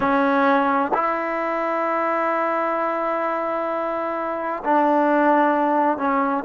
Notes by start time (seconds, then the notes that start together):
0.00 C#4
0.94 E4
4.64 D4
5.97 C#4